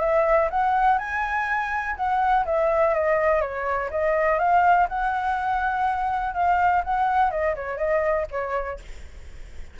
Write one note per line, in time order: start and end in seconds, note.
0.00 0.49 E5
0.50 0.98 F#5
0.98 1.96 G#5
1.96 2.45 F#5
2.45 2.94 E5
2.94 3.41 D#5
3.41 3.90 C#5
3.91 4.39 D#5
4.39 4.87 F5
4.88 6.34 F#5
6.34 6.82 F5
6.84 7.31 F#5
7.31 7.55 D#5
7.55 7.77 C#5
7.77 8.26 D#5
8.31 8.80 C#5